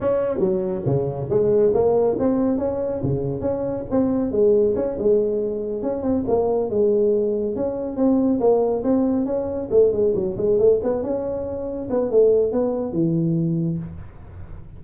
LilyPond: \new Staff \with { instrumentName = "tuba" } { \time 4/4 \tempo 4 = 139 cis'4 fis4 cis4 gis4 | ais4 c'4 cis'4 cis4 | cis'4 c'4 gis4 cis'8 gis8~ | gis4. cis'8 c'8 ais4 gis8~ |
gis4. cis'4 c'4 ais8~ | ais8 c'4 cis'4 a8 gis8 fis8 | gis8 a8 b8 cis'2 b8 | a4 b4 e2 | }